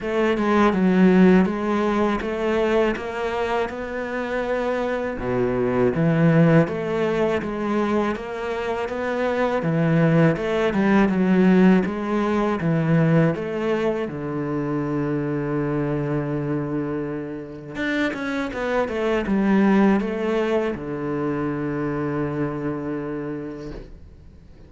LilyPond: \new Staff \with { instrumentName = "cello" } { \time 4/4 \tempo 4 = 81 a8 gis8 fis4 gis4 a4 | ais4 b2 b,4 | e4 a4 gis4 ais4 | b4 e4 a8 g8 fis4 |
gis4 e4 a4 d4~ | d1 | d'8 cis'8 b8 a8 g4 a4 | d1 | }